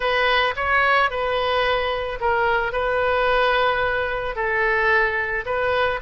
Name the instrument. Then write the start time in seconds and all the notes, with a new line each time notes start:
oboe
0.00 B4
0.56 C#5
1.10 B4
2.20 A#4
2.72 B4
4.35 A4
5.45 B4